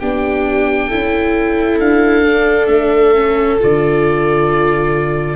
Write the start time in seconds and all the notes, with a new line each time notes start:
0.00 B3 D4 G4 G5
0.89 C#4 E4 A4
1.79 D4 F5
2.25 D4
2.67 A3 E5
3.15 C#4
3.60 D3 F4 D5